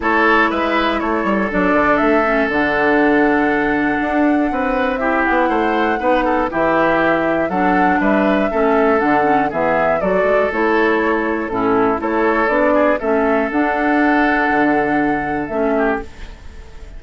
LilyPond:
<<
  \new Staff \with { instrumentName = "flute" } { \time 4/4 \tempo 4 = 120 cis''4 e''4 cis''4 d''4 | e''4 fis''2.~ | fis''2 e''8 fis''4.~ | fis''4 e''2 fis''4 |
e''2 fis''4 e''4 | d''4 cis''2 a'4 | cis''4 d''4 e''4 fis''4~ | fis''2. e''4 | }
  \new Staff \with { instrumentName = "oboe" } { \time 4/4 a'4 b'4 a'2~ | a'1~ | a'4 b'4 g'4 c''4 | b'8 a'8 g'2 a'4 |
b'4 a'2 gis'4 | a'2. e'4 | a'4. gis'8 a'2~ | a'2.~ a'8 g'8 | }
  \new Staff \with { instrumentName = "clarinet" } { \time 4/4 e'2. d'4~ | d'8 cis'8 d'2.~ | d'2 e'2 | dis'4 e'2 d'4~ |
d'4 cis'4 d'8 cis'8 b4 | fis'4 e'2 cis'4 | e'4 d'4 cis'4 d'4~ | d'2. cis'4 | }
  \new Staff \with { instrumentName = "bassoon" } { \time 4/4 a4 gis4 a8 g8 fis8 d8 | a4 d2. | d'4 c'4. b8 a4 | b4 e2 fis4 |
g4 a4 d4 e4 | fis8 gis8 a2 a,4 | a4 b4 a4 d'4~ | d'4 d2 a4 | }
>>